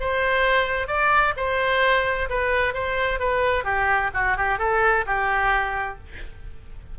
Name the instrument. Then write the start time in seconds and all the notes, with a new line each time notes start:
oboe
0.00 C5
0.87 D5
1.36 C5
2.29 B4
2.74 C5
3.19 B4
3.64 G4
4.13 F#4
4.37 G4
4.58 A4
5.06 G4